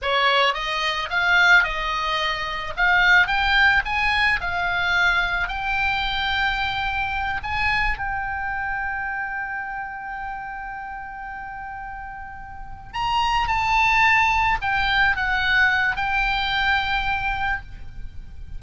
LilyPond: \new Staff \with { instrumentName = "oboe" } { \time 4/4 \tempo 4 = 109 cis''4 dis''4 f''4 dis''4~ | dis''4 f''4 g''4 gis''4 | f''2 g''2~ | g''4. gis''4 g''4.~ |
g''1~ | g''2.~ g''8 ais''8~ | ais''8 a''2 g''4 fis''8~ | fis''4 g''2. | }